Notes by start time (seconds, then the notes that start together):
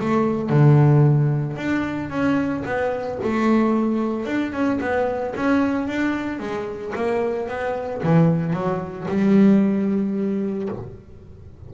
0.00 A3
0.49 D3
1.57 D4
2.10 C#4
2.65 B3
3.23 A3
4.25 D4
4.52 C#4
4.80 B3
5.36 C#4
5.87 D4
6.39 G#3
6.95 A#3
7.48 B3
8.03 E3
8.53 F#3
9.08 G3